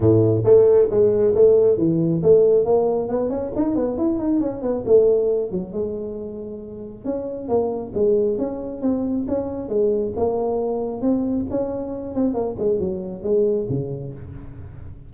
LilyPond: \new Staff \with { instrumentName = "tuba" } { \time 4/4 \tempo 4 = 136 a,4 a4 gis4 a4 | e4 a4 ais4 b8 cis'8 | dis'8 b8 e'8 dis'8 cis'8 b8 a4~ | a8 fis8 gis2. |
cis'4 ais4 gis4 cis'4 | c'4 cis'4 gis4 ais4~ | ais4 c'4 cis'4. c'8 | ais8 gis8 fis4 gis4 cis4 | }